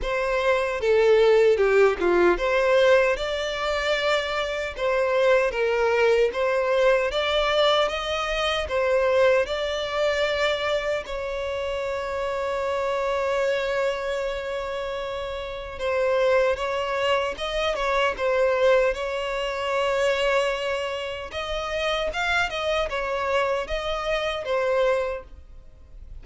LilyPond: \new Staff \with { instrumentName = "violin" } { \time 4/4 \tempo 4 = 76 c''4 a'4 g'8 f'8 c''4 | d''2 c''4 ais'4 | c''4 d''4 dis''4 c''4 | d''2 cis''2~ |
cis''1 | c''4 cis''4 dis''8 cis''8 c''4 | cis''2. dis''4 | f''8 dis''8 cis''4 dis''4 c''4 | }